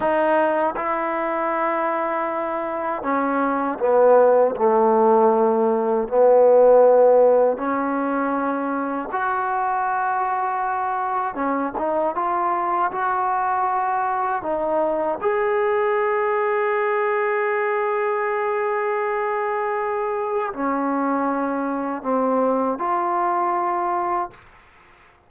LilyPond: \new Staff \with { instrumentName = "trombone" } { \time 4/4 \tempo 4 = 79 dis'4 e'2. | cis'4 b4 a2 | b2 cis'2 | fis'2. cis'8 dis'8 |
f'4 fis'2 dis'4 | gis'1~ | gis'2. cis'4~ | cis'4 c'4 f'2 | }